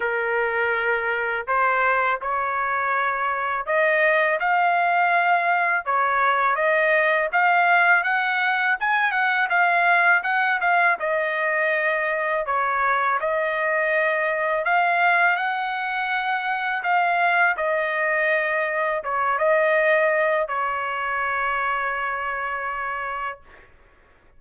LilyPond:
\new Staff \with { instrumentName = "trumpet" } { \time 4/4 \tempo 4 = 82 ais'2 c''4 cis''4~ | cis''4 dis''4 f''2 | cis''4 dis''4 f''4 fis''4 | gis''8 fis''8 f''4 fis''8 f''8 dis''4~ |
dis''4 cis''4 dis''2 | f''4 fis''2 f''4 | dis''2 cis''8 dis''4. | cis''1 | }